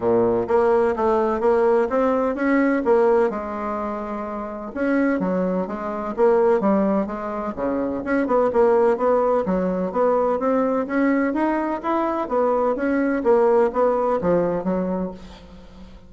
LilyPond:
\new Staff \with { instrumentName = "bassoon" } { \time 4/4 \tempo 4 = 127 ais,4 ais4 a4 ais4 | c'4 cis'4 ais4 gis4~ | gis2 cis'4 fis4 | gis4 ais4 g4 gis4 |
cis4 cis'8 b8 ais4 b4 | fis4 b4 c'4 cis'4 | dis'4 e'4 b4 cis'4 | ais4 b4 f4 fis4 | }